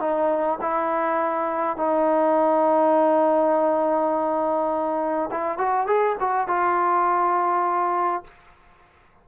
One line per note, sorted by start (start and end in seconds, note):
0.00 0.59 D#4
0.61 1.77 E4
1.77 5.30 D#4
5.32 5.58 E4
5.58 5.87 F#4
5.87 6.16 G#4
6.20 6.48 F#4
6.48 8.24 F4